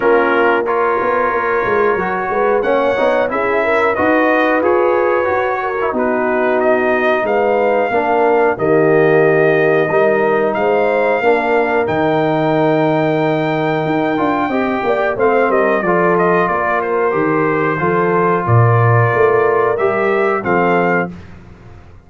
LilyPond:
<<
  \new Staff \with { instrumentName = "trumpet" } { \time 4/4 \tempo 4 = 91 ais'4 cis''2. | fis''4 e''4 dis''4 cis''4~ | cis''4 b'4 dis''4 f''4~ | f''4 dis''2. |
f''2 g''2~ | g''2. f''8 dis''8 | d''8 dis''8 d''8 c''2~ c''8 | d''2 e''4 f''4 | }
  \new Staff \with { instrumentName = "horn" } { \time 4/4 f'4 ais'2~ ais'8 b'8 | cis''4 gis'8 ais'8 b'2~ | b'8 ais'8 fis'2 b'4 | ais'4 g'2 ais'4 |
c''4 ais'2.~ | ais'2 dis''8 d''8 c''8 ais'8 | a'4 ais'2 a'4 | ais'2. a'4 | }
  \new Staff \with { instrumentName = "trombone" } { \time 4/4 cis'4 f'2 fis'4 | cis'8 dis'8 e'4 fis'4 gis'4 | fis'8. e'16 dis'2. | d'4 ais2 dis'4~ |
dis'4 d'4 dis'2~ | dis'4. f'8 g'4 c'4 | f'2 g'4 f'4~ | f'2 g'4 c'4 | }
  \new Staff \with { instrumentName = "tuba" } { \time 4/4 ais4. b8 ais8 gis8 fis8 gis8 | ais8 b8 cis'4 dis'4 f'4 | fis'4 b2 gis4 | ais4 dis2 g4 |
gis4 ais4 dis2~ | dis4 dis'8 d'8 c'8 ais8 a8 g8 | f4 ais4 dis4 f4 | ais,4 a4 g4 f4 | }
>>